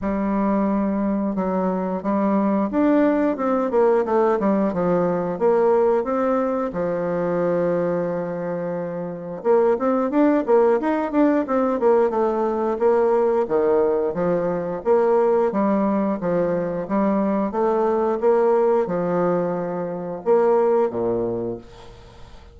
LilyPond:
\new Staff \with { instrumentName = "bassoon" } { \time 4/4 \tempo 4 = 89 g2 fis4 g4 | d'4 c'8 ais8 a8 g8 f4 | ais4 c'4 f2~ | f2 ais8 c'8 d'8 ais8 |
dis'8 d'8 c'8 ais8 a4 ais4 | dis4 f4 ais4 g4 | f4 g4 a4 ais4 | f2 ais4 ais,4 | }